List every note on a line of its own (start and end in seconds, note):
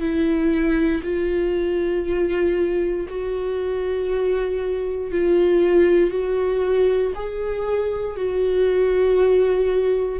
0.00 1.02 E4
1.04 3.07 F4
3.09 5.11 F#4
5.11 6.11 F4
6.11 7.13 F#4
7.15 8.16 G#4
8.16 10.20 F#4